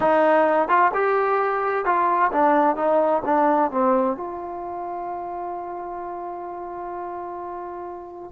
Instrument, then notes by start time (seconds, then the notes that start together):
trombone
0.00 D#4
0.68 F4
0.94 G4
1.85 F4
2.31 D4
2.76 D#4
3.25 D4
3.71 C4
4.16 F4